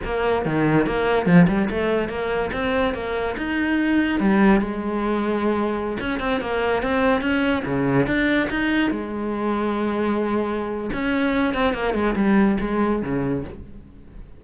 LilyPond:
\new Staff \with { instrumentName = "cello" } { \time 4/4 \tempo 4 = 143 ais4 dis4 ais4 f8 g8 | a4 ais4 c'4 ais4 | dis'2 g4 gis4~ | gis2~ gis16 cis'8 c'8 ais8.~ |
ais16 c'4 cis'4 cis4 d'8.~ | d'16 dis'4 gis2~ gis8.~ | gis2 cis'4. c'8 | ais8 gis8 g4 gis4 cis4 | }